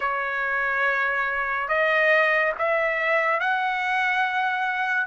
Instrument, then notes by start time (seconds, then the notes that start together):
trumpet
0.00 C#5
1.68 D#5
2.58 E5
3.40 F#5